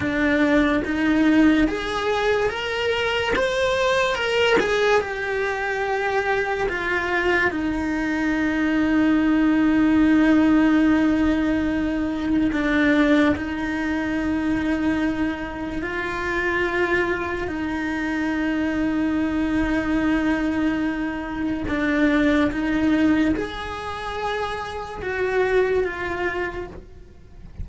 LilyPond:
\new Staff \with { instrumentName = "cello" } { \time 4/4 \tempo 4 = 72 d'4 dis'4 gis'4 ais'4 | c''4 ais'8 gis'8 g'2 | f'4 dis'2.~ | dis'2. d'4 |
dis'2. f'4~ | f'4 dis'2.~ | dis'2 d'4 dis'4 | gis'2 fis'4 f'4 | }